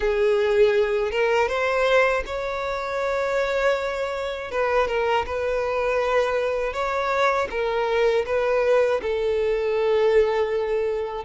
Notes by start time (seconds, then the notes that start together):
0.00 G#4
1.11 A#4
1.48 C5
2.26 C#5
4.51 B4
4.87 A#4
5.26 B4
6.73 C#5
7.50 A#4
8.25 B4
9.02 A4